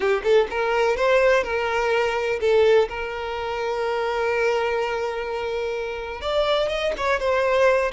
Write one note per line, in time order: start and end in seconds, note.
0.00 0.22 G4
0.23 0.47 A4
0.50 0.96 A#4
0.96 1.43 C5
1.43 2.39 A#4
2.40 2.88 A4
2.88 6.21 A#4
6.21 6.69 D5
6.69 6.93 D#5
6.97 7.19 C#5
7.19 7.91 C5